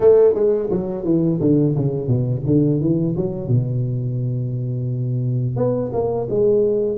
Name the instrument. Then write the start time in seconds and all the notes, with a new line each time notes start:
tuba
0.00 A3
0.34 G#3
0.70 F#3
1.04 E3
1.40 D3
1.75 C#3
2.07 B2
2.46 D3
2.80 E3
3.16 F#3
3.47 B2
5.56 B3
5.92 A#3
6.29 G#3